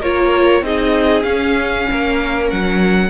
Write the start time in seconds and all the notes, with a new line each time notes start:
0.00 A#3 F4 A#4 C#5
0.61 C4 D#4 G#4 D#5
1.23 C#4 F5
1.90 A#3 A#4
2.50 F#3 F#5